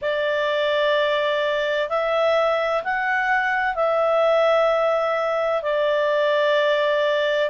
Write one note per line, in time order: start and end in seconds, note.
0.01 1.89 D5
1.89 2.83 E5
2.83 3.75 F#5
3.75 5.62 E5
5.62 7.50 D5